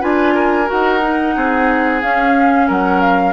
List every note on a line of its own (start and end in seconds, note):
0.00 0.69 D4
0.00 0.66 F4
0.00 0.34 B4
0.00 0.69 G#5
0.35 1.35 A#4
0.66 0.99 F#4
0.66 2.02 F#5
0.72 1.36 D#4
1.02 2.02 D#4
1.36 2.03 C4
1.36 2.67 G#4
2.02 3.33 C#4
2.02 2.69 C#4
2.02 2.68 F5
2.67 3.33 F#3
2.67 3.33 A#4
2.67 3.01 F#5
3.01 3.33 F5